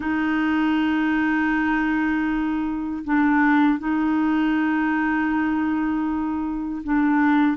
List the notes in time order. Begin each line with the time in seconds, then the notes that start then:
0.00 D#4
3.04 D4
3.78 D#4
6.83 D4